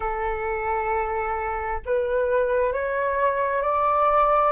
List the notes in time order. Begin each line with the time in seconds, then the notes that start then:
0.00 A4
1.85 B4
2.72 C#5
3.62 D5